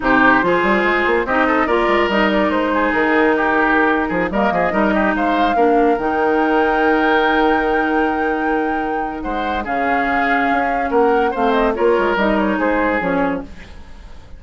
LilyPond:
<<
  \new Staff \with { instrumentName = "flute" } { \time 4/4 \tempo 4 = 143 c''2. dis''4 | d''4 dis''8 d''8 c''4 ais'4~ | ais'2~ ais'16 dis''4.~ dis''16~ | dis''16 f''2 g''4.~ g''16~ |
g''1~ | g''2 fis''4 f''4~ | f''2 fis''4 f''8 dis''8 | cis''4 dis''8 cis''8 c''4 cis''4 | }
  \new Staff \with { instrumentName = "oboe" } { \time 4/4 g'4 gis'2 g'8 a'8 | ais'2~ ais'8 gis'4. | g'4.~ g'16 gis'8 ais'8 gis'8 ais'8 g'16~ | g'16 c''4 ais'2~ ais'8.~ |
ais'1~ | ais'2 c''4 gis'4~ | gis'2 ais'4 c''4 | ais'2 gis'2 | }
  \new Staff \with { instrumentName = "clarinet" } { \time 4/4 dis'4 f'2 dis'4 | f'4 dis'2.~ | dis'2~ dis'16 ais4 dis'8.~ | dis'4~ dis'16 d'4 dis'4.~ dis'16~ |
dis'1~ | dis'2. cis'4~ | cis'2. c'4 | f'4 dis'2 cis'4 | }
  \new Staff \with { instrumentName = "bassoon" } { \time 4/4 c4 f8 g8 gis8 ais8 c'4 | ais8 gis8 g4 gis4 dis4~ | dis4.~ dis16 f8 g8 f8 g8.~ | g16 gis4 ais4 dis4.~ dis16~ |
dis1~ | dis2 gis4 cis4~ | cis4 cis'4 ais4 a4 | ais8 gis8 g4 gis4 f4 | }
>>